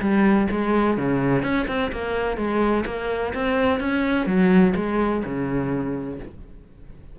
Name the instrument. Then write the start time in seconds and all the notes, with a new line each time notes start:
cello
0.00 G3
0.50 G#3
0.97 C#3
1.42 C#4
1.67 C4
1.92 A#3
2.37 G#3
2.86 A#3
3.34 C4
3.80 C#4
4.26 F#3
4.76 G#3
5.24 C#3